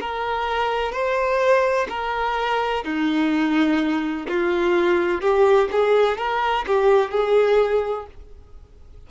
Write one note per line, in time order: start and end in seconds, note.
0.00 0.92 A#4
0.92 1.87 C5
1.89 2.84 A#4
2.84 4.27 D#4
4.28 5.21 F4
5.21 5.69 G4
5.71 6.17 G#4
6.17 6.65 A#4
6.67 7.11 G4
7.11 8.06 G#4